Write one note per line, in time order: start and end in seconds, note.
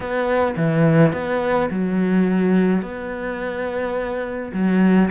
0.00 0.55 B3
0.56 1.12 E3
1.12 1.69 B3
1.70 2.81 F#3
2.81 4.51 B3
4.53 5.09 F#3